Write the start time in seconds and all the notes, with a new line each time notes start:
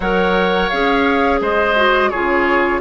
0.00 F#3 A#4 C#5 F#5
0.69 C#4 G#4 F5
1.41 G#3 C5 D#5
1.76 F#4
2.09 C#3 F4 G#4 C#5